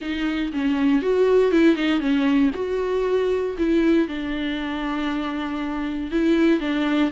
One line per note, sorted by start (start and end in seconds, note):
0.01 0.52 D#4
0.52 1.01 C#4
1.01 1.51 F#4
1.51 1.75 E4
1.75 1.99 D#4
1.99 2.50 C#4
2.54 3.56 F#4
3.58 4.07 E4
4.07 6.11 D4
6.11 6.60 E4
6.60 7.10 D4